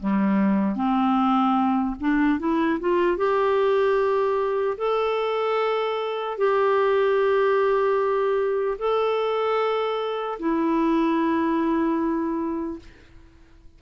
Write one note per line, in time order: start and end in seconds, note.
0.00 0.76 G3
0.76 1.96 C4
2.01 2.40 D4
2.40 2.80 E4
2.80 3.17 F4
3.17 4.77 G4
4.78 6.38 A4
6.38 8.78 G4
8.79 10.39 A4
10.40 12.80 E4